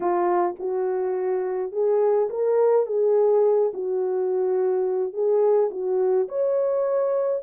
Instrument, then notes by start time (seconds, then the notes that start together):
horn
0.00 F4
0.59 F#4
1.71 G#4
2.29 A#4
2.86 G#4
3.73 F#4
5.13 G#4
5.70 F#4
6.28 C#5